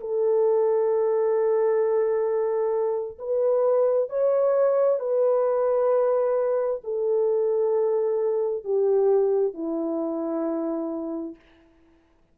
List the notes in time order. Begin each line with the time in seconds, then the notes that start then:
0.00 A4
3.18 B4
4.09 C#5
5.00 B4
6.83 A4
8.64 G4
9.54 E4